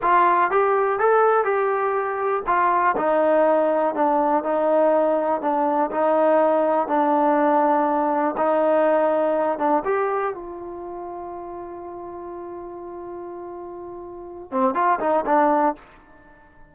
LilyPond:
\new Staff \with { instrumentName = "trombone" } { \time 4/4 \tempo 4 = 122 f'4 g'4 a'4 g'4~ | g'4 f'4 dis'2 | d'4 dis'2 d'4 | dis'2 d'2~ |
d'4 dis'2~ dis'8 d'8 | g'4 f'2.~ | f'1~ | f'4. c'8 f'8 dis'8 d'4 | }